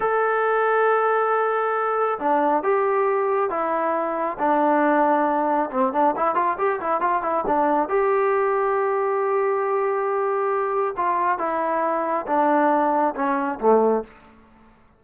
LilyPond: \new Staff \with { instrumentName = "trombone" } { \time 4/4 \tempo 4 = 137 a'1~ | a'4 d'4 g'2 | e'2 d'2~ | d'4 c'8 d'8 e'8 f'8 g'8 e'8 |
f'8 e'8 d'4 g'2~ | g'1~ | g'4 f'4 e'2 | d'2 cis'4 a4 | }